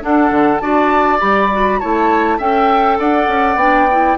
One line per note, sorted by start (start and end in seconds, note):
0.00 0.59 D4
0.00 0.31 D4
0.00 0.62 A4
0.00 0.58 F#5
0.31 0.60 D3
0.58 1.21 D4
0.58 1.20 F#4
0.58 1.80 D5
0.58 1.18 A5
1.20 1.81 G3
1.20 1.49 G4
1.20 1.79 B5
1.52 1.81 F#4
1.80 2.39 A3
1.80 2.39 E4
1.80 2.38 C#5
1.80 2.39 A5
2.38 2.99 C#4
2.38 3.58 A4
2.38 2.97 E5
2.38 3.00 G5
2.99 3.27 D4
2.99 4.18 D5
2.99 3.58 F#5
3.27 3.55 C#4
3.55 4.15 B3
3.55 3.88 D4
3.55 4.18 G5
3.91 4.18 E4